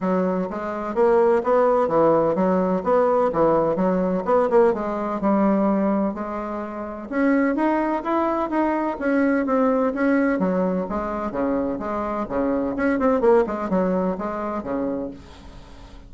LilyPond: \new Staff \with { instrumentName = "bassoon" } { \time 4/4 \tempo 4 = 127 fis4 gis4 ais4 b4 | e4 fis4 b4 e4 | fis4 b8 ais8 gis4 g4~ | g4 gis2 cis'4 |
dis'4 e'4 dis'4 cis'4 | c'4 cis'4 fis4 gis4 | cis4 gis4 cis4 cis'8 c'8 | ais8 gis8 fis4 gis4 cis4 | }